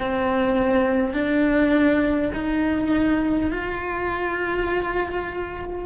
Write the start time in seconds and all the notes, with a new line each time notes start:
0.00 C4
1.13 D4
2.34 D#4
3.51 F4